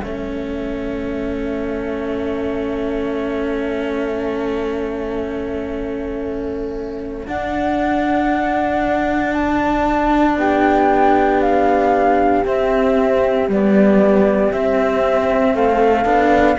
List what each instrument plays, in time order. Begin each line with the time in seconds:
0.00 cello A3 C#4, horn A4, flute E5
7.27 cello D4, flute F#5
9.34 flute A5
10.37 cello B3, horn G4, flute G5
11.42 flute F5
12.45 cello C4, flute E5
13.48 cello G3 B3, flute D5
14.53 cello C4, flute E5
15.54 cello A3, horn A4, flute F5
16.05 cello B3 D4